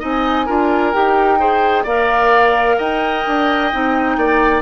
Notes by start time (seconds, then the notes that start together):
0.00 C4 D#4 D#5 G#5
0.46 D4 F4 A#4
0.93 D#4 G4 G5
1.39 G#4 C5
1.84 A#3 A#4 D5 F5
2.78 D#4 D#5 G5
3.27 D4
3.73 C4 D#4
4.17 A#3 D5